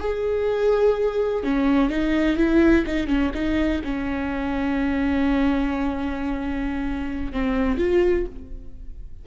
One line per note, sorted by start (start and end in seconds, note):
0.00 1.44 G#4
1.44 1.90 C#4
1.90 2.37 D#4
2.37 2.85 E4
2.87 3.08 D#4
3.08 3.32 C#4
3.34 3.82 D#4
3.85 7.33 C#4
7.33 7.78 C4
7.78 8.26 F4